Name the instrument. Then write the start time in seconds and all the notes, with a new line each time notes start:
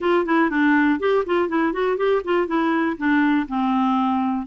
clarinet
0.00 F4
0.25 E4
0.50 D4
0.99 G4
1.26 F4
1.49 E4
1.72 F#4
1.97 G4
2.24 F4
2.47 E4
2.97 D4
3.47 C4